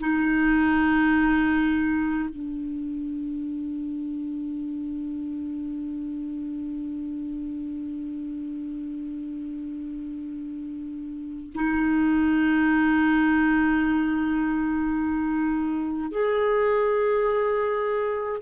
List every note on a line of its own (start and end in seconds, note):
0.00 2.30 D#4
2.30 11.53 D4
11.54 16.11 D#4
16.11 18.41 G#4